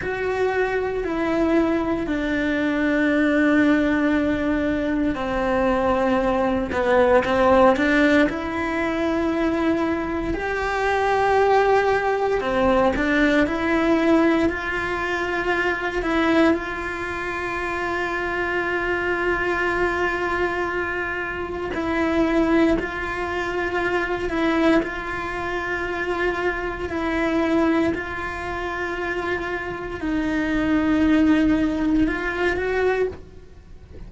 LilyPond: \new Staff \with { instrumentName = "cello" } { \time 4/4 \tempo 4 = 58 fis'4 e'4 d'2~ | d'4 c'4. b8 c'8 d'8 | e'2 g'2 | c'8 d'8 e'4 f'4. e'8 |
f'1~ | f'4 e'4 f'4. e'8 | f'2 e'4 f'4~ | f'4 dis'2 f'8 fis'8 | }